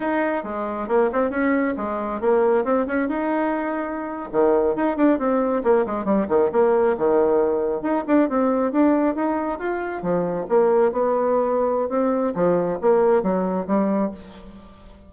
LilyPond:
\new Staff \with { instrumentName = "bassoon" } { \time 4/4 \tempo 4 = 136 dis'4 gis4 ais8 c'8 cis'4 | gis4 ais4 c'8 cis'8 dis'4~ | dis'4.~ dis'16 dis4 dis'8 d'8 c'16~ | c'8. ais8 gis8 g8 dis8 ais4 dis16~ |
dis4.~ dis16 dis'8 d'8 c'4 d'16~ | d'8. dis'4 f'4 f4 ais16~ | ais8. b2~ b16 c'4 | f4 ais4 fis4 g4 | }